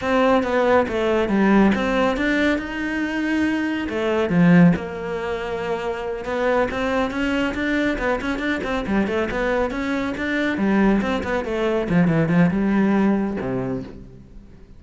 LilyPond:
\new Staff \with { instrumentName = "cello" } { \time 4/4 \tempo 4 = 139 c'4 b4 a4 g4 | c'4 d'4 dis'2~ | dis'4 a4 f4 ais4~ | ais2~ ais8 b4 c'8~ |
c'8 cis'4 d'4 b8 cis'8 d'8 | c'8 g8 a8 b4 cis'4 d'8~ | d'8 g4 c'8 b8 a4 f8 | e8 f8 g2 c4 | }